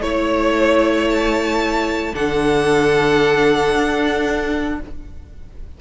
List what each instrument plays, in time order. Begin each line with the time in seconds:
0.00 cello A3, viola E4, violin C#5
1.09 violin A5
2.13 cello D3, viola D4, violin A4 F#5
3.74 cello D4